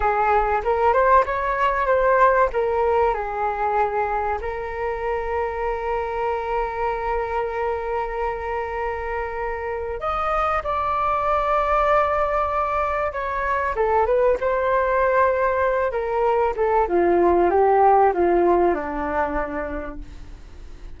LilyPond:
\new Staff \with { instrumentName = "flute" } { \time 4/4 \tempo 4 = 96 gis'4 ais'8 c''8 cis''4 c''4 | ais'4 gis'2 ais'4~ | ais'1~ | ais'1 |
dis''4 d''2.~ | d''4 cis''4 a'8 b'8 c''4~ | c''4. ais'4 a'8 f'4 | g'4 f'4 d'2 | }